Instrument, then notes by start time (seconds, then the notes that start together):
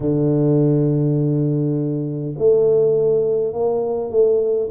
tuba
0.00 D3
2.38 A3
3.53 A#3
4.10 A3